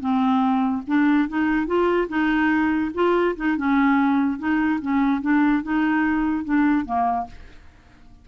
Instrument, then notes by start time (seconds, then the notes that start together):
clarinet
0.00 C4
0.87 D4
1.28 D#4
1.66 F4
2.09 D#4
2.94 F4
3.36 D#4
3.57 C#4
4.39 D#4
4.82 C#4
5.22 D4
5.63 D#4
6.45 D4
6.85 A#3